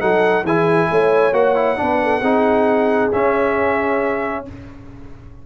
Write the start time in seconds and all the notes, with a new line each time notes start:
0.00 F#3 D#4 A4 F#5
0.43 E3 E4 G#4 G#5
0.91 A3 C#5
1.33 A#3 F#4 F#5
1.55 E4
1.77 B3 D4 B4
2.03 A4
2.21 C4 D#4 G#4
3.12 C#4 E5